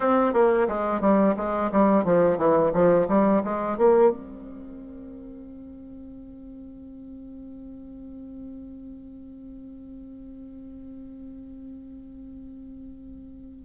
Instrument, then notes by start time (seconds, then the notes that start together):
bassoon
0.00 C4
0.33 A#3
0.68 G#3
1.00 G3
1.36 G#3
1.72 G3
2.04 F3
2.37 E3
2.73 F3
3.08 G3
3.44 G#3
3.77 A#3
4.11 C4